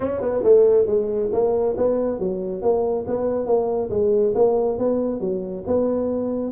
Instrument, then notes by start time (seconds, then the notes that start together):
tuba
0.00 C#4
0.21 B3
0.43 A3
0.86 G#3
1.32 A#3
1.77 B3
2.19 F#3
2.61 A#3
3.07 B3
3.46 A#3
3.90 G#3
4.34 A#3
4.78 B3
5.20 F#3
5.66 B3